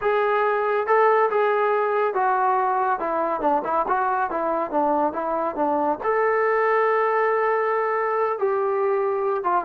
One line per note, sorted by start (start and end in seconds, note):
0.01 0.86 G#4
0.86 1.29 A4
1.30 2.14 G#4
2.14 2.99 F#4
2.99 3.41 E4
3.41 3.62 D4
3.64 3.86 E4
3.88 4.30 F#4
4.30 4.70 E4
4.70 5.12 D4
5.12 5.55 E4
5.55 5.98 D4
6.03 8.38 A4
8.38 9.43 G4
9.43 9.64 F4